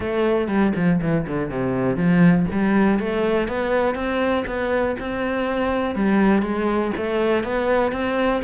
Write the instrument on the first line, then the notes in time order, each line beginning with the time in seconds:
cello
0.00 A3
0.47 G3
0.75 F3
1.01 E3
1.27 D3
1.50 C3
1.96 F3
2.51 G3
2.99 A3
3.48 B3
3.94 C4
4.46 B3
4.99 C4
5.95 G3
6.41 G#3
6.96 A3
7.43 B3
7.91 C4